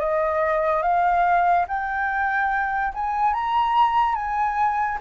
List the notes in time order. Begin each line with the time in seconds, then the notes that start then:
0.00 D#5
0.83 F5
1.69 G5
2.94 G#5
3.34 A#5
4.15 G#5